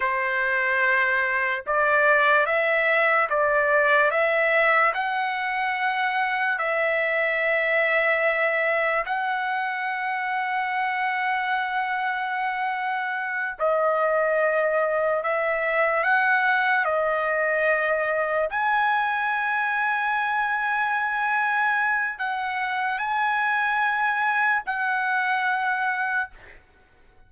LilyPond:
\new Staff \with { instrumentName = "trumpet" } { \time 4/4 \tempo 4 = 73 c''2 d''4 e''4 | d''4 e''4 fis''2 | e''2. fis''4~ | fis''1~ |
fis''8 dis''2 e''4 fis''8~ | fis''8 dis''2 gis''4.~ | gis''2. fis''4 | gis''2 fis''2 | }